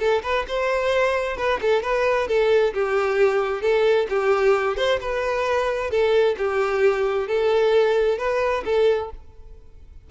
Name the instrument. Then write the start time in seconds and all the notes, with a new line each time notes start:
violin
0.00 A4
0.24 B4
0.48 C5
1.37 B4
1.62 A4
1.83 B4
2.28 A4
2.74 G4
3.62 A4
4.10 G4
4.77 C5
5.01 B4
5.91 A4
6.38 G4
7.28 A4
8.19 B4
8.65 A4